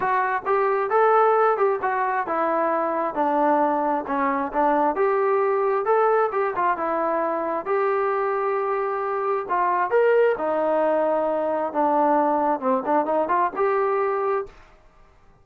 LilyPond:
\new Staff \with { instrumentName = "trombone" } { \time 4/4 \tempo 4 = 133 fis'4 g'4 a'4. g'8 | fis'4 e'2 d'4~ | d'4 cis'4 d'4 g'4~ | g'4 a'4 g'8 f'8 e'4~ |
e'4 g'2.~ | g'4 f'4 ais'4 dis'4~ | dis'2 d'2 | c'8 d'8 dis'8 f'8 g'2 | }